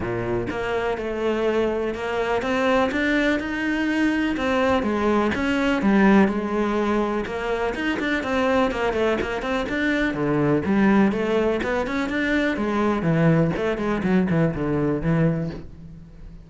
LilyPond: \new Staff \with { instrumentName = "cello" } { \time 4/4 \tempo 4 = 124 ais,4 ais4 a2 | ais4 c'4 d'4 dis'4~ | dis'4 c'4 gis4 cis'4 | g4 gis2 ais4 |
dis'8 d'8 c'4 ais8 a8 ais8 c'8 | d'4 d4 g4 a4 | b8 cis'8 d'4 gis4 e4 | a8 gis8 fis8 e8 d4 e4 | }